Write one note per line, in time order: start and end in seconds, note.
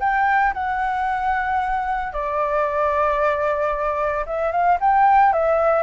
0.00 0.53 G5
0.53 2.12 F#5
2.12 4.25 D5
4.26 4.51 E5
4.51 4.78 F5
4.80 5.33 G5
5.33 5.82 E5